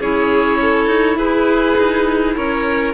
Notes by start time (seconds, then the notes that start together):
0.00 C#4 E4 G#4 C#5
0.62 A4
0.87 D#4
1.16 E4 G#4 B4
1.78 D#4
2.36 C#4 A#4 C#5